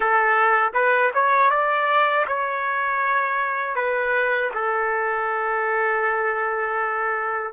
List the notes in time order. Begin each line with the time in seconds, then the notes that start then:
0.00 A4
0.73 B4
1.14 C#5
1.50 D5
2.27 C#5
3.75 B4
4.53 A4